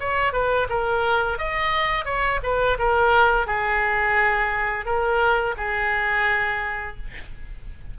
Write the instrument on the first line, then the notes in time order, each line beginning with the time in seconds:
oboe
0.00 C#5
0.33 B4
0.70 A#4
1.38 D#5
2.05 C#5
2.43 B4
2.79 A#4
3.47 G#4
4.86 A#4
5.57 G#4